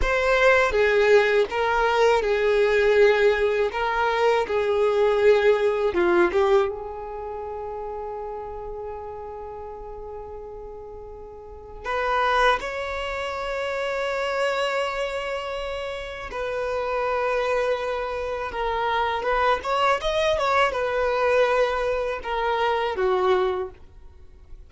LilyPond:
\new Staff \with { instrumentName = "violin" } { \time 4/4 \tempo 4 = 81 c''4 gis'4 ais'4 gis'4~ | gis'4 ais'4 gis'2 | f'8 g'8 gis'2.~ | gis'1 |
b'4 cis''2.~ | cis''2 b'2~ | b'4 ais'4 b'8 cis''8 dis''8 cis''8 | b'2 ais'4 fis'4 | }